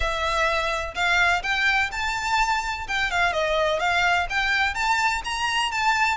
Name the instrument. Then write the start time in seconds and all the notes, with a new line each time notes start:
violin
0.00 E5
0.95 F5
1.42 G5
1.91 A5
2.87 G5
3.10 F5
3.32 D#5
3.79 F5
4.29 G5
4.74 A5
5.24 A#5
5.71 A5